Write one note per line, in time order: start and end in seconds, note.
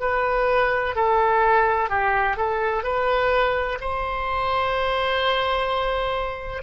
0.00 0.95 B4
0.95 1.90 A4
1.90 2.37 G4
2.37 2.84 A4
2.84 3.79 B4
3.81 6.63 C5